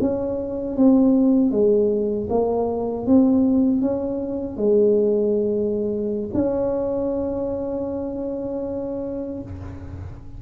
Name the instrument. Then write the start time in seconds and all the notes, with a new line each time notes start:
tuba
0.00 C#4
0.76 C4
1.51 G#3
2.29 A#3
3.06 C4
3.81 C#4
4.57 G#3
6.34 C#4